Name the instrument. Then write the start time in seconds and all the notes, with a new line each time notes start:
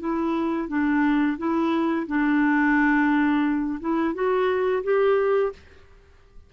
clarinet
0.00 E4
0.68 D4
1.38 E4
2.07 D4
3.80 E4
4.14 F#4
4.83 G4